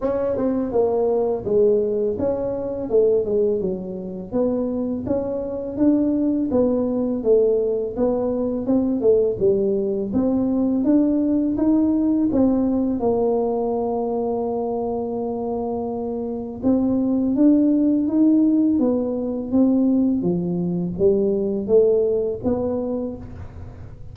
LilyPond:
\new Staff \with { instrumentName = "tuba" } { \time 4/4 \tempo 4 = 83 cis'8 c'8 ais4 gis4 cis'4 | a8 gis8 fis4 b4 cis'4 | d'4 b4 a4 b4 | c'8 a8 g4 c'4 d'4 |
dis'4 c'4 ais2~ | ais2. c'4 | d'4 dis'4 b4 c'4 | f4 g4 a4 b4 | }